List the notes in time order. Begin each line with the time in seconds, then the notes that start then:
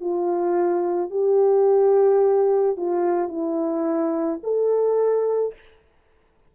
0.00 F4
1.10 G4
2.76 F4
3.28 E4
4.42 A4